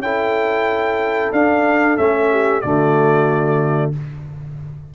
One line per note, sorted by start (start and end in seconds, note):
0.00 1.30 C#4
0.00 1.34 E4
0.00 2.31 A4
0.00 1.32 G5
1.32 1.98 D4
1.32 1.97 D4
1.32 1.98 F5
1.97 2.64 A3
1.97 2.62 C#4
1.97 2.61 E5
2.31 2.63 G4
2.61 3.95 D3
2.61 3.93 A3
2.61 3.94 F#4
2.61 3.92 D5